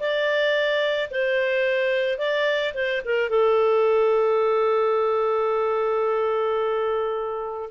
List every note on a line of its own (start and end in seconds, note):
0.00 1.10 D5
1.11 2.19 C5
2.19 2.74 D5
2.74 3.02 C5
3.06 3.30 A#4
3.30 7.70 A4